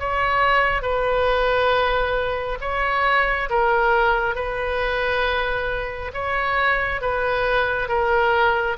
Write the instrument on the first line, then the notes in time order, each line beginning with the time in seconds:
oboe
0.00 C#5
0.83 B4
2.61 C#5
3.50 A#4
4.36 B4
6.14 C#5
7.02 B4
7.89 A#4